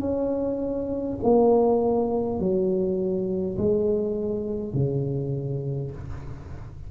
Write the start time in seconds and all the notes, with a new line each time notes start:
0.00 C#4
1.24 A#3
2.40 F#3
3.58 G#3
4.74 C#3